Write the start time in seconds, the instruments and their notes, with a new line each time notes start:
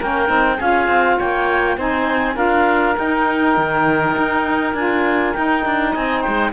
0.00 cello A#3, saxophone C#4, oboe A#4, clarinet G5
0.28 cello C4, saxophone D#4
0.57 cello C#4, saxophone F4, oboe G#4, clarinet F5
0.88 cello C4
1.19 cello A#3, oboe C#5, clarinet G5
1.78 cello C4, saxophone D#4, oboe C5, clarinet G#5
2.35 cello D4, saxophone F4, oboe A#4, clarinet F5
2.96 saxophone D#4, cello D#4, clarinet G5
3.58 cello D#3
4.17 cello D#4
4.74 cello D4, saxophone F4, clarinet G#5
5.34 saxophone D#4, cello D#4, clarinet G5
5.66 cello D4
5.91 cello C4, oboe D#5, clarinet G#5
6.21 oboe C5, clarinet G5
6.28 cello G#3